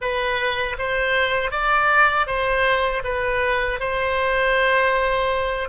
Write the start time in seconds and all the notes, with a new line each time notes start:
0.01 B4
0.78 C5
1.51 D5
2.26 C5
3.04 B4
3.79 C5